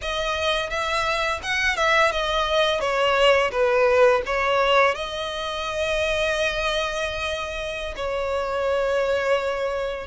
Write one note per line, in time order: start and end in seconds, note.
0.01 0.70 D#5
0.70 1.40 E5
1.42 1.76 F#5
1.76 2.11 E5
2.11 2.80 D#5
2.80 3.50 C#5
3.51 4.22 B4
4.25 4.94 C#5
4.94 7.94 D#5
7.95 10.07 C#5